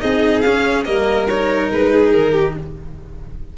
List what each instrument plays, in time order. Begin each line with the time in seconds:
0.00 tuba C4, cello D#4, violin G#4 D#5
0.41 tuba C#4, cello C#4, violin F5
0.85 tuba G3, cello A#3, violin A#4 D#5
1.28 cello D#4, violin C#5
1.72 tuba G#3, violin B4
1.92 violin G#4
2.11 tuba D#3, violin A#4
2.32 violin G4